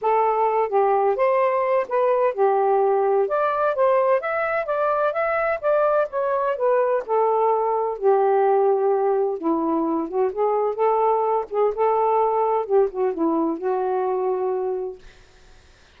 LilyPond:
\new Staff \with { instrumentName = "saxophone" } { \time 4/4 \tempo 4 = 128 a'4. g'4 c''4. | b'4 g'2 d''4 | c''4 e''4 d''4 e''4 | d''4 cis''4 b'4 a'4~ |
a'4 g'2. | e'4. fis'8 gis'4 a'4~ | a'8 gis'8 a'2 g'8 fis'8 | e'4 fis'2. | }